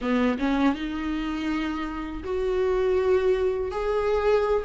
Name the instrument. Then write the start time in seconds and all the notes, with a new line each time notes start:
viola
0.01 B3
0.39 C#4
0.74 D#4
2.23 F#4
3.71 G#4